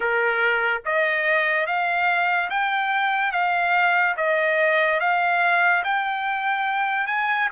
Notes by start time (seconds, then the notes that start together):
0.00 A#4
0.85 D#5
1.66 F5
2.50 G5
3.31 F5
4.16 D#5
5.00 F5
5.83 G5
7.06 G#5